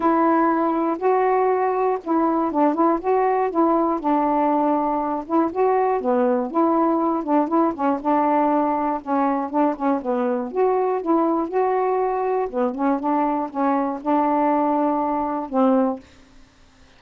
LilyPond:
\new Staff \with { instrumentName = "saxophone" } { \time 4/4 \tempo 4 = 120 e'2 fis'2 | e'4 d'8 e'8 fis'4 e'4 | d'2~ d'8 e'8 fis'4 | b4 e'4. d'8 e'8 cis'8 |
d'2 cis'4 d'8 cis'8 | b4 fis'4 e'4 fis'4~ | fis'4 b8 cis'8 d'4 cis'4 | d'2. c'4 | }